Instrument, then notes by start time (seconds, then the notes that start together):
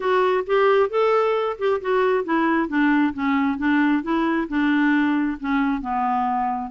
clarinet
0.00 F#4
0.46 G4
0.89 A4
1.58 G4
1.81 F#4
2.24 E4
2.68 D4
3.13 C#4
3.57 D4
4.02 E4
4.48 D4
5.40 C#4
5.81 B3